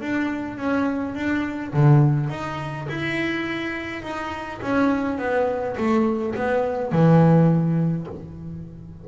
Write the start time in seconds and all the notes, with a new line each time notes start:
0.00 D4
0.57 C#4
1.15 D4
1.73 D3
2.29 D#4
2.89 E4
4.02 D#4
4.62 C#4
5.18 B3
5.77 A3
6.35 B3
6.92 E3